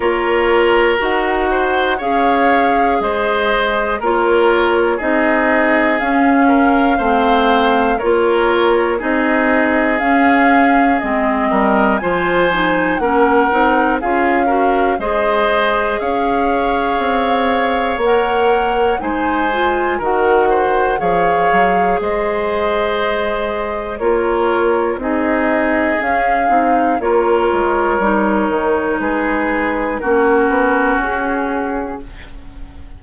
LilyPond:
<<
  \new Staff \with { instrumentName = "flute" } { \time 4/4 \tempo 4 = 60 cis''4 fis''4 f''4 dis''4 | cis''4 dis''4 f''2 | cis''4 dis''4 f''4 dis''4 | gis''4 fis''4 f''4 dis''4 |
f''2 fis''4 gis''4 | fis''4 f''4 dis''2 | cis''4 dis''4 f''4 cis''4~ | cis''4 b'4 ais'4 gis'4 | }
  \new Staff \with { instrumentName = "oboe" } { \time 4/4 ais'4. c''8 cis''4 c''4 | ais'4 gis'4. ais'8 c''4 | ais'4 gis'2~ gis'8 ais'8 | c''4 ais'4 gis'8 ais'8 c''4 |
cis''2. c''4 | ais'8 c''8 cis''4 c''2 | ais'4 gis'2 ais'4~ | ais'4 gis'4 fis'2 | }
  \new Staff \with { instrumentName = "clarinet" } { \time 4/4 f'4 fis'4 gis'2 | f'4 dis'4 cis'4 c'4 | f'4 dis'4 cis'4 c'4 | f'8 dis'8 cis'8 dis'8 f'8 fis'8 gis'4~ |
gis'2 ais'4 dis'8 f'8 | fis'4 gis'2. | f'4 dis'4 cis'8 dis'8 f'4 | dis'2 cis'2 | }
  \new Staff \with { instrumentName = "bassoon" } { \time 4/4 ais4 dis'4 cis'4 gis4 | ais4 c'4 cis'4 a4 | ais4 c'4 cis'4 gis8 g8 | f4 ais8 c'8 cis'4 gis4 |
cis'4 c'4 ais4 gis4 | dis4 f8 fis8 gis2 | ais4 c'4 cis'8 c'8 ais8 gis8 | g8 dis8 gis4 ais8 b8 cis'4 | }
>>